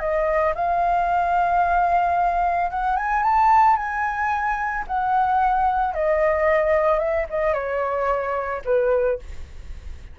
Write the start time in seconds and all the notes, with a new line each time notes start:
0.00 D#5
0.55 F5
2.71 F#5
2.97 G#5
3.23 A5
3.77 G#5
4.88 F#5
5.95 D#5
7.00 E5
7.30 D#5
7.54 C#5
8.66 B4